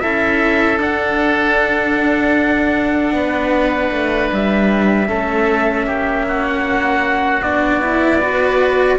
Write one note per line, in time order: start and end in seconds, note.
0.00 0.79 C#4
0.00 0.78 E4
0.00 3.14 A4
0.00 0.78 E5
0.78 5.06 D4
0.78 3.12 D4
0.78 4.33 F#5
3.12 3.90 B3
3.12 5.08 B4
3.92 4.31 A3
4.32 5.10 G3
4.32 6.48 E5
5.08 5.86 A3
5.08 7.41 C#4
5.08 5.86 A4
5.86 7.42 A#3
5.86 6.26 G4
6.28 8.20 F#4
6.48 7.42 F#5
7.42 8.98 B3
7.42 7.82 D4
7.42 8.98 D5
7.82 8.21 E4
8.20 8.99 F#4
8.20 8.98 B4